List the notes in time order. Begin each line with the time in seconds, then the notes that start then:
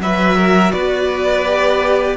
0.00 F#3 F#4 B4 E5
0.38 A#4
0.73 B3 B4 D5
1.45 G4